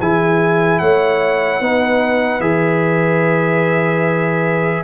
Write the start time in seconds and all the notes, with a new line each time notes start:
0.00 E3 E4 G#4 G#5
0.79 A3 C#5 F#5
1.61 B3 D#4 B4
2.40 E3 G#4 E5